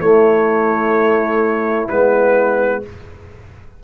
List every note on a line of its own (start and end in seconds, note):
0.00 1.88 A3
0.00 1.89 A3
0.00 2.82 E4
0.00 1.88 C#5
1.89 2.84 G#3
1.89 2.83 B3
1.89 2.82 B4